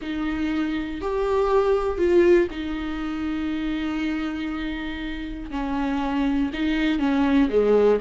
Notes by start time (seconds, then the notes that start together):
0.01 D#4
1.01 G4
1.97 F4
2.50 D#4
5.50 C#4
6.53 D#4
6.99 C#4
7.49 G#3